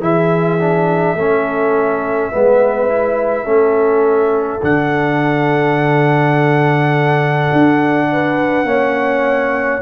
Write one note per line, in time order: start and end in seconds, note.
0.00 1.14 E3
0.00 0.58 E4
0.00 1.16 G#4
0.00 4.63 E5
0.59 1.17 D4
1.14 2.30 A3
1.14 2.32 C#4
1.14 2.31 A4
2.31 3.45 G#3
2.31 2.88 B3
2.31 3.44 B4
2.88 3.45 E4
3.44 4.61 A3
3.44 4.60 C#4
3.44 8.06 A4
4.62 7.51 D3
4.62 8.66 D4
4.62 9.82 F#5
7.52 8.64 D4
8.12 8.67 B4
8.64 9.79 A#3
8.64 9.81 C#4
8.64 9.82 C#5